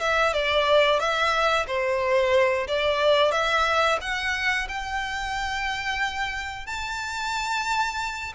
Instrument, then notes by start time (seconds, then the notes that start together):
violin
0.00 E5
0.33 D5
0.99 E5
1.67 C5
2.67 D5
3.31 E5
4.01 F#5
4.68 G5
6.66 A5